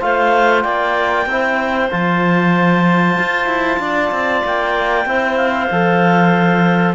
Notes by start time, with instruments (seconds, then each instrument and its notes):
0.00 cello A3, trombone F4, clarinet C5 F5
0.62 cello A#3, clarinet D5 G5
1.26 cello C4, trombone E4, clarinet C5
1.91 cello F3, trombone F4, clarinet A5
3.18 cello F4
3.46 cello E4
3.79 cello D4, clarinet D5
4.11 cello C4
4.44 cello A#3, clarinet G5
5.05 cello C4, trombone E4, clarinet C5
5.36 clarinet F5
5.71 cello F3, trombone A4